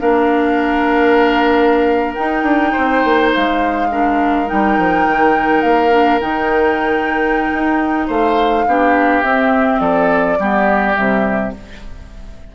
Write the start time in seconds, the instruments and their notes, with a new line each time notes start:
0.00 bassoon A#3, clarinet D4, oboe A#4, flute F5
2.15 clarinet D#4, bassoon D#4, flute G5
2.43 bassoon D4
2.73 bassoon C4, oboe C5
3.05 bassoon A#3
3.35 bassoon G#3, flute F5
3.92 clarinet D4, oboe A#4
4.47 bassoon G3, clarinet D#4, flute G5
4.78 bassoon F3
5.07 bassoon D#3
5.62 bassoon A#3, flute F5
5.91 clarinet D4
6.21 bassoon D#3, clarinet D#4, flute G5
7.54 bassoon D#4
8.08 bassoon A3, oboe C5, flute F5
8.67 bassoon B3, clarinet D4, oboe G4
9.23 bassoon C4, clarinet C4, flute E5
9.81 bassoon F3, oboe A4, flute D5
10.39 bassoon G3, clarinet B3, oboe G4
10.94 bassoon C3, clarinet G3, flute E5